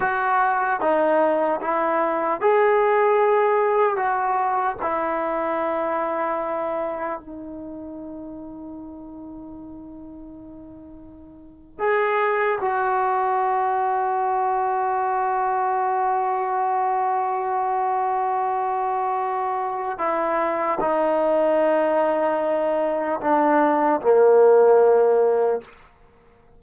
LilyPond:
\new Staff \with { instrumentName = "trombone" } { \time 4/4 \tempo 4 = 75 fis'4 dis'4 e'4 gis'4~ | gis'4 fis'4 e'2~ | e'4 dis'2.~ | dis'2~ dis'8. gis'4 fis'16~ |
fis'1~ | fis'1~ | fis'4 e'4 dis'2~ | dis'4 d'4 ais2 | }